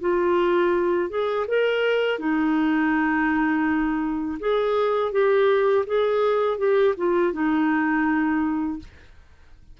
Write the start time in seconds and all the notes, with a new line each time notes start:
0.00 F4
1.09 G#4
1.47 A#4
2.19 D#4
4.39 G#4
5.12 G4
5.86 G#4
6.58 G4
6.97 F4
7.33 D#4